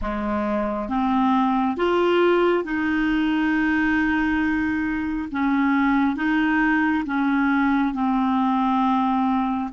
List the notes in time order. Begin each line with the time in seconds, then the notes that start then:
0.01 G#3
0.88 C4
1.76 F4
2.64 D#4
5.31 C#4
6.15 D#4
7.05 C#4
7.94 C4